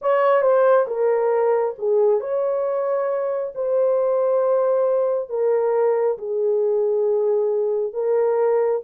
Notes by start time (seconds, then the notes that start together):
0.01 C#5
0.41 C5
0.87 A#4
1.78 G#4
2.20 C#5
3.55 C5
5.29 A#4
6.18 G#4
7.93 A#4